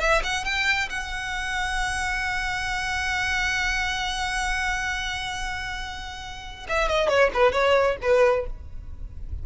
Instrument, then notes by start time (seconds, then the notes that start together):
violin
0.00 E5
0.23 F#5
0.44 G5
0.89 F#5
6.68 E5
6.88 D#5
7.08 C#5
7.34 B4
7.52 C#5
8.02 B4